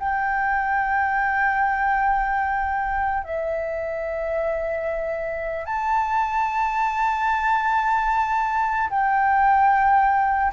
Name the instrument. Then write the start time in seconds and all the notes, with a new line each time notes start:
flute
0.00 G5
3.24 E5
5.66 A5
8.90 G5